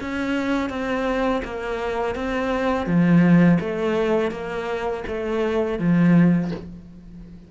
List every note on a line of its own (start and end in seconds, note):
0.00 0.69 C#4
0.69 1.42 C4
1.44 2.15 A#3
2.15 2.86 C4
2.86 3.58 F3
3.59 4.31 A3
4.31 5.03 A#3
5.07 5.78 A3
5.78 6.51 F3